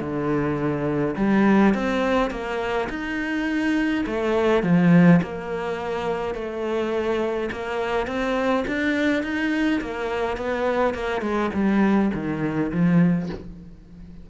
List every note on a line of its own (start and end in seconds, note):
0.00 1.15 D3
1.16 1.74 G3
1.74 2.30 C4
2.30 2.88 A#3
2.90 4.05 D#4
4.06 4.63 A3
4.63 5.21 F3
5.22 6.34 A#3
6.34 7.50 A3
7.52 8.07 A#3
8.07 8.65 C4
8.67 9.23 D4
9.23 9.81 D#4
9.81 10.37 A#3
10.37 10.94 B3
10.94 11.21 A#3
11.21 11.50 G#3
11.54 12.12 G3
12.14 12.71 D#3
12.72 13.30 F3